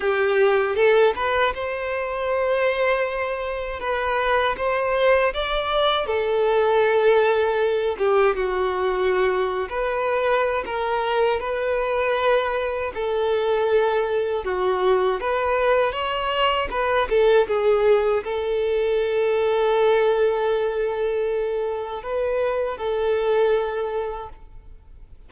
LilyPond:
\new Staff \with { instrumentName = "violin" } { \time 4/4 \tempo 4 = 79 g'4 a'8 b'8 c''2~ | c''4 b'4 c''4 d''4 | a'2~ a'8 g'8 fis'4~ | fis'8. b'4~ b'16 ais'4 b'4~ |
b'4 a'2 fis'4 | b'4 cis''4 b'8 a'8 gis'4 | a'1~ | a'4 b'4 a'2 | }